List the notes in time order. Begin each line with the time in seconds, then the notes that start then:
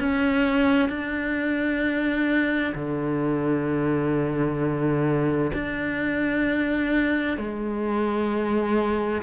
0.00 C#4
0.89 D4
2.75 D3
5.54 D4
7.38 G#3